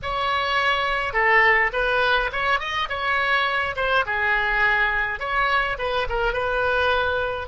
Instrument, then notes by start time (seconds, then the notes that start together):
oboe
0.02 C#5
1.12 A4
1.72 B4
2.32 C#5
2.59 D#5
2.89 C#5
3.76 C5
4.05 G#4
5.19 C#5
5.78 B4
6.09 A#4
6.33 B4